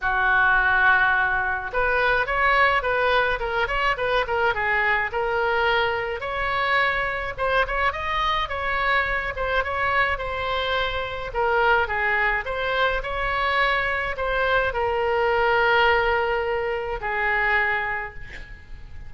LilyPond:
\new Staff \with { instrumentName = "oboe" } { \time 4/4 \tempo 4 = 106 fis'2. b'4 | cis''4 b'4 ais'8 cis''8 b'8 ais'8 | gis'4 ais'2 cis''4~ | cis''4 c''8 cis''8 dis''4 cis''4~ |
cis''8 c''8 cis''4 c''2 | ais'4 gis'4 c''4 cis''4~ | cis''4 c''4 ais'2~ | ais'2 gis'2 | }